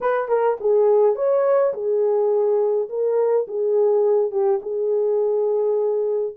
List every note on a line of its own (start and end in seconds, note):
0.00 0.28 B4
0.28 0.57 A#4
0.60 1.15 G#4
1.15 1.73 C#5
1.73 2.88 G#4
2.89 3.46 A#4
3.47 4.31 G#4
4.31 4.59 G4
4.62 6.35 G#4